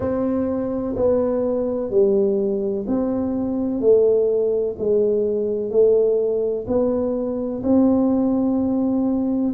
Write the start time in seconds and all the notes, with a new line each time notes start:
0.00 C4
0.95 B3
1.90 G3
2.87 C4
3.80 A3
4.78 G#3
5.70 A3
6.67 B3
7.63 C4